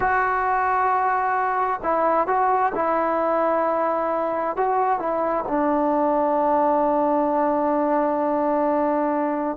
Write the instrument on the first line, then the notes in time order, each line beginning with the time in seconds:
trombone
0.00 F#4
1.83 E4
2.27 F#4
2.75 E4
4.56 F#4
4.99 E4
5.48 D4